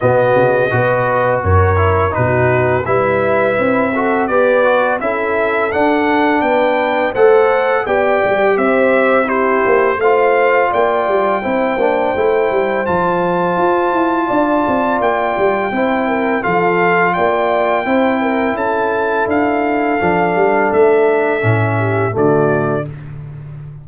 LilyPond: <<
  \new Staff \with { instrumentName = "trumpet" } { \time 4/4 \tempo 4 = 84 dis''2 cis''4 b'4 | e''2 d''4 e''4 | fis''4 g''4 fis''4 g''4 | e''4 c''4 f''4 g''4~ |
g''2 a''2~ | a''4 g''2 f''4 | g''2 a''4 f''4~ | f''4 e''2 d''4 | }
  \new Staff \with { instrumentName = "horn" } { \time 4/4 fis'4 b'4 ais'4 fis'4 | b'4. a'8 b'4 a'4~ | a'4 b'4 c''4 d''4 | c''4 g'4 c''4 d''4 |
c''1 | d''2 c''8 ais'8 a'4 | d''4 c''8 ais'8 a'2~ | a'2~ a'8 g'8 fis'4 | }
  \new Staff \with { instrumentName = "trombone" } { \time 4/4 b4 fis'4. e'8 dis'4 | e'4. fis'8 g'8 fis'8 e'4 | d'2 a'4 g'4~ | g'4 e'4 f'2 |
e'8 d'8 e'4 f'2~ | f'2 e'4 f'4~ | f'4 e'2. | d'2 cis'4 a4 | }
  \new Staff \with { instrumentName = "tuba" } { \time 4/4 b,8 cis8 b,4 fis,4 b,4 | g4 c'4 b4 cis'4 | d'4 b4 a4 b8 g8 | c'4. ais8 a4 ais8 g8 |
c'8 ais8 a8 g8 f4 f'8 e'8 | d'8 c'8 ais8 g8 c'4 f4 | ais4 c'4 cis'4 d'4 | f8 g8 a4 a,4 d4 | }
>>